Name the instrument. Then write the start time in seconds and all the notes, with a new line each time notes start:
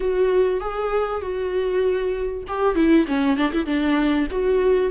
viola
0.00 F#4
0.60 G#4
1.21 F#4
2.47 G4
2.75 E4
3.07 C#4
3.36 D4
3.52 E4
3.66 D4
4.30 F#4